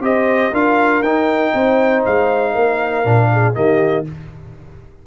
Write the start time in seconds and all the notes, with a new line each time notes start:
0.00 C4 G4 C5 D#5
0.51 D4 F4 A#4 F5
1.02 D#4 G5
1.54 C4 C5
2.05 G#3 F5
2.53 A#3 A#4
3.04 A#2 D4
3.32 G#4
3.54 D#3 A#3 G4 D#5